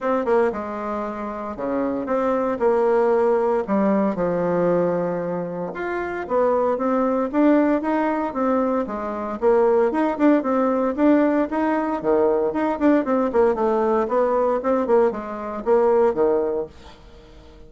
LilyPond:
\new Staff \with { instrumentName = "bassoon" } { \time 4/4 \tempo 4 = 115 c'8 ais8 gis2 cis4 | c'4 ais2 g4 | f2. f'4 | b4 c'4 d'4 dis'4 |
c'4 gis4 ais4 dis'8 d'8 | c'4 d'4 dis'4 dis4 | dis'8 d'8 c'8 ais8 a4 b4 | c'8 ais8 gis4 ais4 dis4 | }